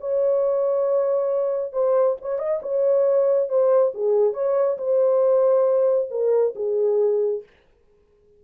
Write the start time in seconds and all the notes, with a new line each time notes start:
0.00 C#5
1.73 C5
2.21 C#5
2.38 D#5
2.62 C#5
3.49 C5
3.94 G#4
4.33 C#5
4.78 C5
6.10 A#4
6.55 G#4